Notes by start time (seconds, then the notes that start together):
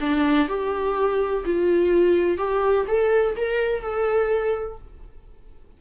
0.00 D4
0.48 G4
1.45 F4
2.38 G4
2.87 A4
3.36 A#4
3.82 A4